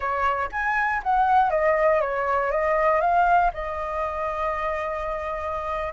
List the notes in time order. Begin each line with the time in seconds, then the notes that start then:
0.00 C#5
0.51 G#5
1.03 F#5
1.50 D#5
2.00 C#5
2.51 D#5
3.00 F5
3.53 D#5